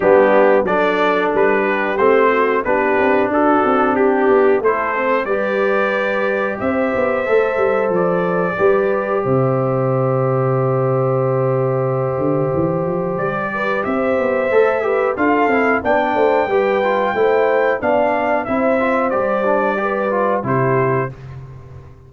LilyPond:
<<
  \new Staff \with { instrumentName = "trumpet" } { \time 4/4 \tempo 4 = 91 g'4 d''4 b'4 c''4 | b'4 a'4 g'4 c''4 | d''2 e''2 | d''2 e''2~ |
e''1 | d''4 e''2 f''4 | g''2. f''4 | e''4 d''2 c''4 | }
  \new Staff \with { instrumentName = "horn" } { \time 4/4 d'4 a'4. g'4 fis'8 | g'4 fis'4 g'4 a'4 | b'2 c''2~ | c''4 b'4 c''2~ |
c''1~ | c''8 b'8 c''4. b'8 a'4 | d''8 c''8 b'4 c''4 d''4 | c''2 b'4 g'4 | }
  \new Staff \with { instrumentName = "trombone" } { \time 4/4 b4 d'2 c'4 | d'2. e'8 c'8 | g'2. a'4~ | a'4 g'2.~ |
g'1~ | g'2 a'8 g'8 f'8 e'8 | d'4 g'8 f'8 e'4 d'4 | e'8 f'8 g'8 d'8 g'8 f'8 e'4 | }
  \new Staff \with { instrumentName = "tuba" } { \time 4/4 g4 fis4 g4 a4 | b8 c'8 d'8 c'4 b8 a4 | g2 c'8 b8 a8 g8 | f4 g4 c2~ |
c2~ c8 d8 e8 f8 | g4 c'8 b8 a4 d'8 c'8 | b8 a8 g4 a4 b4 | c'4 g2 c4 | }
>>